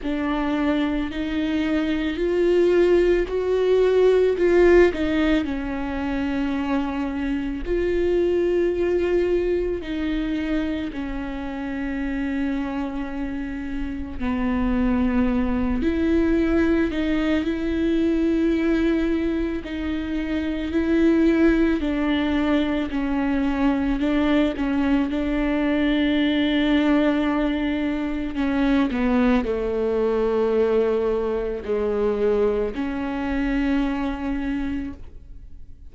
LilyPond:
\new Staff \with { instrumentName = "viola" } { \time 4/4 \tempo 4 = 55 d'4 dis'4 f'4 fis'4 | f'8 dis'8 cis'2 f'4~ | f'4 dis'4 cis'2~ | cis'4 b4. e'4 dis'8 |
e'2 dis'4 e'4 | d'4 cis'4 d'8 cis'8 d'4~ | d'2 cis'8 b8 a4~ | a4 gis4 cis'2 | }